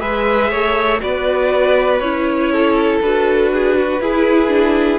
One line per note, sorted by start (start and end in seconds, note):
0.00 0.50 G#3
0.00 1.00 G#4
0.00 0.50 B4
0.00 1.01 E5
0.50 1.00 A3
0.50 1.00 C#5
1.00 2.00 B3
1.00 2.00 F#4
1.00 2.52 B4
1.00 1.99 D5
1.99 3.00 C#4
1.99 3.03 E4
1.99 2.99 C#5
2.52 3.52 A4
3.00 4.00 D4
3.00 4.01 F#4
3.00 4.99 B4
3.52 3.77 G#4
3.77 4.01 F#4
4.00 4.99 E4
4.00 4.48 E4
4.00 4.99 G#4
4.48 4.98 D4